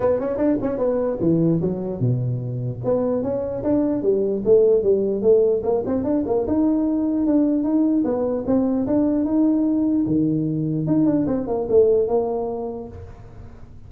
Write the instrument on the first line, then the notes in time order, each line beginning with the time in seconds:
tuba
0.00 B3
0.19 C#4
0.37 D4
0.61 C#4
0.78 B3
1.20 E3
1.61 F#3
2.00 B2
2.84 B3
3.22 C#4
3.63 D4
4.02 G3
4.44 A3
4.82 G3
5.21 A3
5.63 A#3
5.85 C4
6.03 D4
6.26 A#3
6.47 D#4
7.26 D4
7.63 D#4
8.04 B3
8.46 C4
8.86 D4
9.25 D#4
10.06 D#3
10.87 D#4
11.05 D4
11.27 C4
11.47 A#3
11.69 A3
12.07 A#3